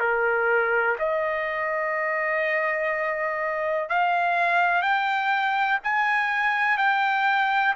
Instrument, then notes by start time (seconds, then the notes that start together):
trumpet
0.00 A#4
0.99 D#5
3.90 F5
4.83 G5
5.84 G#5
6.78 G5